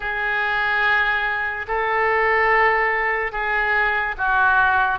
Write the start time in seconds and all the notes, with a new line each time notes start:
0.00 G#4
1.67 A4
3.31 G#4
4.17 F#4